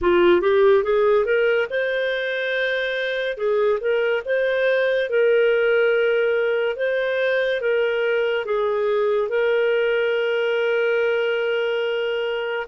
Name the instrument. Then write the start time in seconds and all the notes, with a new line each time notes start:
clarinet
0.01 F4
0.41 G4
0.83 G#4
1.24 A#4
1.69 C5
3.36 G#4
3.80 A#4
4.25 C5
5.09 A#4
6.76 C5
7.61 A#4
8.45 G#4
9.28 A#4